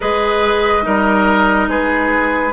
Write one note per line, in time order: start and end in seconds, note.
0.00 0.86 G#3
0.00 0.82 G#4
0.00 0.84 B4
0.00 1.69 D#5
0.82 1.67 G3
0.82 2.51 D#4
0.82 1.69 A#4
1.67 2.52 G#3
1.67 2.52 G#4
1.67 2.52 B4